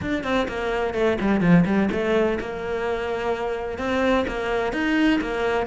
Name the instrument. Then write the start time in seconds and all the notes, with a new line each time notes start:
cello
0.01 D4
0.23 C4
0.48 A#3
0.94 A3
1.20 G3
1.40 F3
1.65 G3
1.91 A3
2.40 A#3
3.78 C4
4.27 A#3
4.72 D#4
5.21 A#3